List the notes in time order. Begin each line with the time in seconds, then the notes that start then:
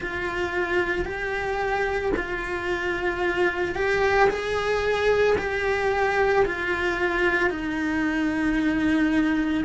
0.00 F4
1.05 G4
2.16 F4
3.75 G4
4.29 G#4
5.38 G4
6.45 F4
7.50 D#4